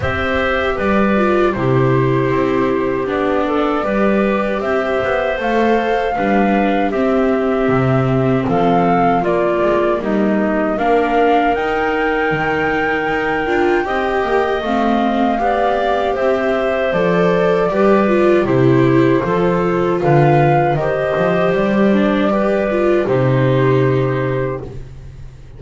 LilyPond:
<<
  \new Staff \with { instrumentName = "flute" } { \time 4/4 \tempo 4 = 78 e''4 d''4 c''2 | d''2 e''4 f''4~ | f''4 e''2 f''4 | d''4 dis''4 f''4 g''4~ |
g''2. f''4~ | f''4 e''4 d''2 | c''2 f''4 dis''4 | d''2 c''2 | }
  \new Staff \with { instrumentName = "clarinet" } { \time 4/4 c''4 b'4 g'2~ | g'8 a'8 b'4 c''2 | b'4 g'2 a'4 | f'4 dis'4 ais'2~ |
ais'2 dis''2 | d''4 c''2 b'4 | g'4 a'4 b'4 c''4~ | c''4 b'4 g'2 | }
  \new Staff \with { instrumentName = "viola" } { \time 4/4 g'4. f'8 e'2 | d'4 g'2 a'4 | d'4 c'2. | ais2 d'4 dis'4~ |
dis'4. f'8 g'4 c'4 | g'2 a'4 g'8 f'8 | e'4 f'2 g'4~ | g'8 d'8 g'8 f'8 dis'2 | }
  \new Staff \with { instrumentName = "double bass" } { \time 4/4 c'4 g4 c4 c'4 | b4 g4 c'8 b8 a4 | g4 c'4 c4 f4 | ais8 gis8 g4 ais4 dis'4 |
dis4 dis'8 d'8 c'8 ais8 a4 | b4 c'4 f4 g4 | c4 f4 d4 dis8 f8 | g2 c2 | }
>>